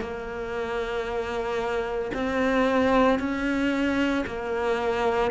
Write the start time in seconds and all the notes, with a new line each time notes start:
0.00 A#3
2.13 C4
3.19 C#4
4.26 A#3